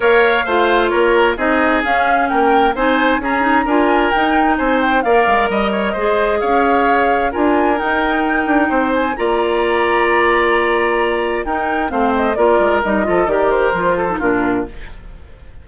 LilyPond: <<
  \new Staff \with { instrumentName = "flute" } { \time 4/4 \tempo 4 = 131 f''2 cis''4 dis''4 | f''4 g''4 gis''4 ais''4 | gis''4 g''4 gis''8 g''8 f''4 | dis''2 f''2 |
gis''4 g''2~ g''8 gis''8 | ais''1~ | ais''4 g''4 f''8 dis''8 d''4 | dis''4 d''8 c''4. ais'4 | }
  \new Staff \with { instrumentName = "oboe" } { \time 4/4 cis''4 c''4 ais'4 gis'4~ | gis'4 ais'4 c''4 gis'4 | ais'2 c''4 d''4 | dis''8 cis''8 c''4 cis''2 |
ais'2. c''4 | d''1~ | d''4 ais'4 c''4 ais'4~ | ais'8 a'8 ais'4. a'8 f'4 | }
  \new Staff \with { instrumentName = "clarinet" } { \time 4/4 ais'4 f'2 dis'4 | cis'2 dis'4 cis'8 dis'8 | f'4 dis'2 ais'4~ | ais'4 gis'2. |
f'4 dis'2. | f'1~ | f'4 dis'4 c'4 f'4 | dis'8 f'8 g'4 f'8. dis'16 d'4 | }
  \new Staff \with { instrumentName = "bassoon" } { \time 4/4 ais4 a4 ais4 c'4 | cis'4 ais4 c'4 cis'4 | d'4 dis'4 c'4 ais8 gis8 | g4 gis4 cis'2 |
d'4 dis'4. d'8 c'4 | ais1~ | ais4 dis'4 a4 ais8 gis8 | g8 f8 dis4 f4 ais,4 | }
>>